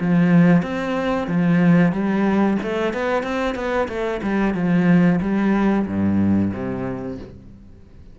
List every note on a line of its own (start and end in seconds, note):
0.00 0.62 F3
0.62 1.27 C4
1.27 1.92 F3
1.92 2.57 G3
2.62 2.93 A3
2.93 3.23 B3
3.23 3.55 C4
3.55 3.87 B3
3.88 4.21 A3
4.22 4.54 G3
4.54 5.19 F3
5.21 5.86 G3
5.86 6.52 G2
6.53 7.18 C3